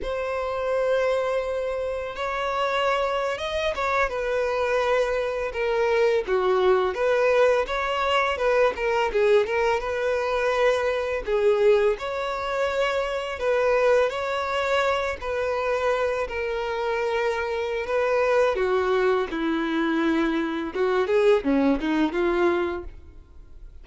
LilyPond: \new Staff \with { instrumentName = "violin" } { \time 4/4 \tempo 4 = 84 c''2. cis''4~ | cis''8. dis''8 cis''8 b'2 ais'16~ | ais'8. fis'4 b'4 cis''4 b'16~ | b'16 ais'8 gis'8 ais'8 b'2 gis'16~ |
gis'8. cis''2 b'4 cis''16~ | cis''4~ cis''16 b'4. ais'4~ ais'16~ | ais'4 b'4 fis'4 e'4~ | e'4 fis'8 gis'8 cis'8 dis'8 f'4 | }